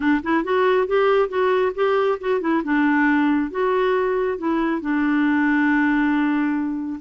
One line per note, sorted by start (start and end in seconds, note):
0.00 0.21 D4
0.23 0.44 E4
0.44 0.87 F#4
0.87 1.28 G4
1.28 1.72 F#4
1.75 2.18 G4
2.20 2.40 F#4
2.40 2.62 E4
2.64 3.51 D4
3.51 4.37 F#4
4.37 4.81 E4
4.81 7.00 D4